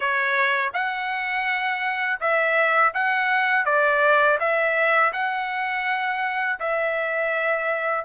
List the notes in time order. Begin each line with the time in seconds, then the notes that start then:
0.00 C#5
0.73 F#5
2.20 E5
2.94 F#5
3.65 D5
4.39 E5
5.12 F#5
6.59 E5